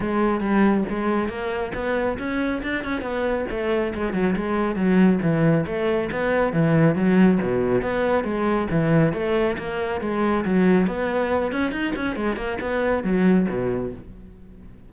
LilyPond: \new Staff \with { instrumentName = "cello" } { \time 4/4 \tempo 4 = 138 gis4 g4 gis4 ais4 | b4 cis'4 d'8 cis'8 b4 | a4 gis8 fis8 gis4 fis4 | e4 a4 b4 e4 |
fis4 b,4 b4 gis4 | e4 a4 ais4 gis4 | fis4 b4. cis'8 dis'8 cis'8 | gis8 ais8 b4 fis4 b,4 | }